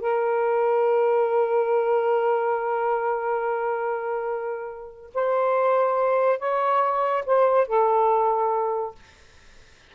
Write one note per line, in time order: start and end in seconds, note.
0.00 5.11 A#4
5.14 6.39 C5
6.39 7.24 C#5
7.26 7.67 C5
7.67 8.95 A4